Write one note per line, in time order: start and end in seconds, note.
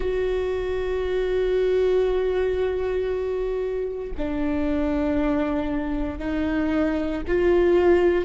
0.00 4.11 F#4
4.17 6.18 D4
6.18 7.22 D#4
7.27 8.24 F4